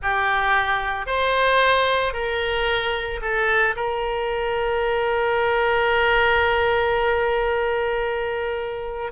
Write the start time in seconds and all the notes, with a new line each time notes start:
0.02 G4
1.06 C5
2.13 A#4
3.21 A4
3.76 A#4